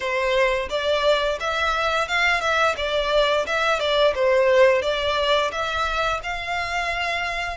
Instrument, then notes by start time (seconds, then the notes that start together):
violin
0.00 C5
0.69 D5
1.39 E5
2.08 F5
2.40 E5
2.76 D5
3.46 E5
3.79 D5
4.14 C5
4.82 D5
5.51 E5
6.23 F5